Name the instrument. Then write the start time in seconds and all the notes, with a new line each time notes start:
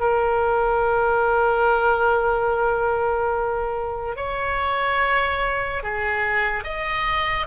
oboe
0.00 A#4
4.16 C#5
5.83 G#4
6.64 D#5